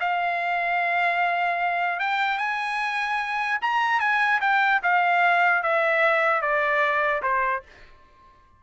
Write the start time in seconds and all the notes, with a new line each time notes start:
0.00 F5
2.00 G5
2.38 G#5
3.61 A#5
4.00 G#5
4.41 G5
4.83 F5
5.63 E5
6.42 D5
7.22 C5